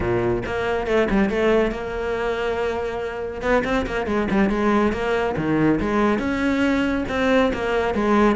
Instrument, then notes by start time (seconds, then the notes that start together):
cello
0.00 A#2
0.45 A#3
0.86 A3
1.10 G3
1.29 A3
1.71 A#3
3.41 B3
3.64 C4
3.86 A#3
4.06 G#3
4.31 G3
4.49 G#3
4.92 A#3
5.36 D#3
5.80 G#3
6.19 C#4
7.09 C4
7.53 A#3
7.94 G#3